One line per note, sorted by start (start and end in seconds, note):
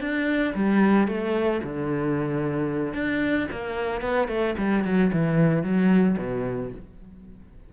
0.00 0.54 D4
0.55 1.07 G3
1.07 1.61 A3
1.63 2.93 D3
2.93 3.47 D4
3.51 4.01 A#3
4.01 4.28 B3
4.28 4.54 A3
4.58 4.84 G3
4.84 5.11 F#3
5.12 5.63 E3
5.63 6.17 F#3
6.18 6.71 B2